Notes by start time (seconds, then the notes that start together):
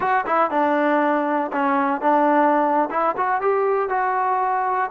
0.00 F#4
0.26 E4
0.50 D4
1.52 C#4
2.01 D4
2.90 E4
3.16 F#4
3.41 G4
3.89 F#4